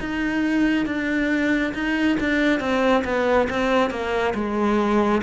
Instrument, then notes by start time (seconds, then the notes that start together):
cello
0.00 D#4
0.86 D4
1.74 D#4
2.20 D4
2.60 C4
3.05 B3
3.50 C4
3.91 A#3
4.35 G#3